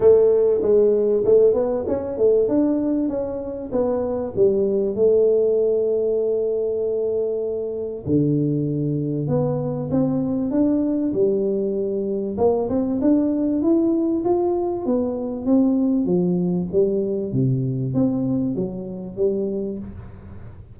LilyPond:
\new Staff \with { instrumentName = "tuba" } { \time 4/4 \tempo 4 = 97 a4 gis4 a8 b8 cis'8 a8 | d'4 cis'4 b4 g4 | a1~ | a4 d2 b4 |
c'4 d'4 g2 | ais8 c'8 d'4 e'4 f'4 | b4 c'4 f4 g4 | c4 c'4 fis4 g4 | }